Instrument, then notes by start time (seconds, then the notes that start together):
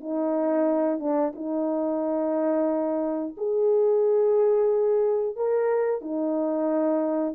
horn
0.00 D#4
0.99 D4
1.35 D#4
3.37 G#4
5.35 A#4
6.01 D#4